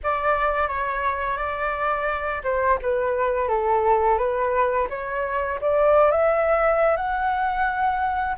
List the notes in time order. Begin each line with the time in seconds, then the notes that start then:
0.03 D5
0.68 C#5
1.37 D5
2.43 C5
2.82 B4
3.48 A4
4.18 B4
4.89 C#5
5.61 D5
6.11 E5
6.96 F#5